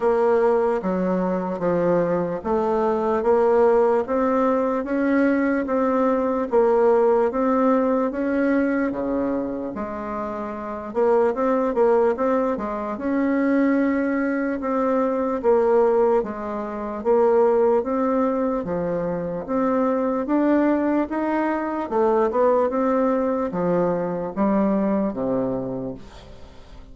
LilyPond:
\new Staff \with { instrumentName = "bassoon" } { \time 4/4 \tempo 4 = 74 ais4 fis4 f4 a4 | ais4 c'4 cis'4 c'4 | ais4 c'4 cis'4 cis4 | gis4. ais8 c'8 ais8 c'8 gis8 |
cis'2 c'4 ais4 | gis4 ais4 c'4 f4 | c'4 d'4 dis'4 a8 b8 | c'4 f4 g4 c4 | }